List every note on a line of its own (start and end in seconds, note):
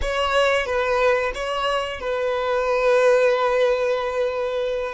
0.01 0.66 C#5
0.66 1.32 B4
1.34 1.99 C#5
1.99 4.94 B4